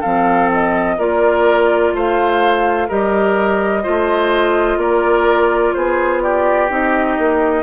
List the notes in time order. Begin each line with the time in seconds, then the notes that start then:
0.00 F3 C4 A4 F5
0.52 D#5
0.98 A#3 F4 A#4 D5
1.93 A3 C5 F5
2.88 G3 G4 A#4 D#5
3.83 A3 F4 C5
4.77 A#3 A#4 D5
5.74 B3 G#4 C5
6.22 G4 D5
6.69 C4 D#4 D#5
7.18 A#3